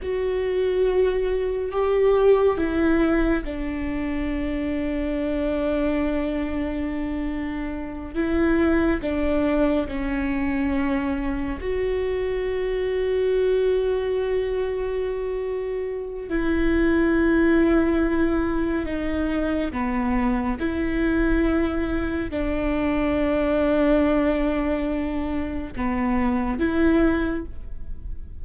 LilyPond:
\new Staff \with { instrumentName = "viola" } { \time 4/4 \tempo 4 = 70 fis'2 g'4 e'4 | d'1~ | d'4. e'4 d'4 cis'8~ | cis'4. fis'2~ fis'8~ |
fis'2. e'4~ | e'2 dis'4 b4 | e'2 d'2~ | d'2 b4 e'4 | }